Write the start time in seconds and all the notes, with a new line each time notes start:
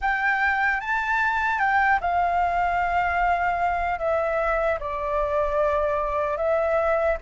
0.01 G5
0.80 A5
1.59 G5
2.00 F5
3.99 E5
4.79 D5
6.37 E5